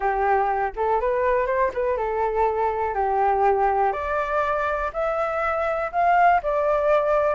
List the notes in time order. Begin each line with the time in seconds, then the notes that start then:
0.00 G4
0.76 A4
1.00 B4
1.46 C5
1.73 B4
1.97 A4
2.94 G4
3.92 D5
4.93 E5
5.92 F5
6.42 D5